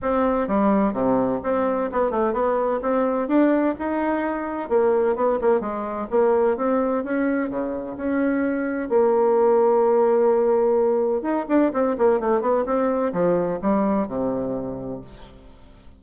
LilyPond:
\new Staff \with { instrumentName = "bassoon" } { \time 4/4 \tempo 4 = 128 c'4 g4 c4 c'4 | b8 a8 b4 c'4 d'4 | dis'2 ais4 b8 ais8 | gis4 ais4 c'4 cis'4 |
cis4 cis'2 ais4~ | ais1 | dis'8 d'8 c'8 ais8 a8 b8 c'4 | f4 g4 c2 | }